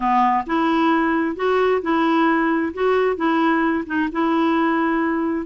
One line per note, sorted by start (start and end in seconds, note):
0.00 0.44 B3
0.46 1.36 E4
1.36 1.81 F#4
1.81 2.72 E4
2.73 3.16 F#4
3.16 3.84 E4
3.86 4.09 D#4
4.12 5.45 E4